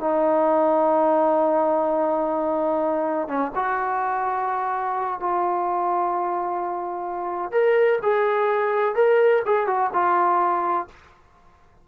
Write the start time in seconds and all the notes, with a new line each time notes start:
0.00 D#4
3.28 C#4
3.55 F#4
5.20 F4
7.52 A#4
8.02 G#4
8.95 A#4
9.45 G#4
9.67 F#4
9.93 F4